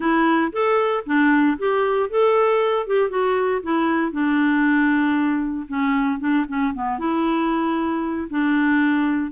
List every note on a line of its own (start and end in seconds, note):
0.00 0.51 E4
0.52 1.04 A4
1.06 1.57 D4
1.58 2.09 G4
2.09 2.86 A4
2.86 3.09 G4
3.09 3.61 F#4
3.63 4.11 E4
4.11 5.67 D4
5.68 6.19 C#4
6.19 6.45 D4
6.47 6.73 C#4
6.74 6.99 B3
6.99 8.28 E4
8.29 9.31 D4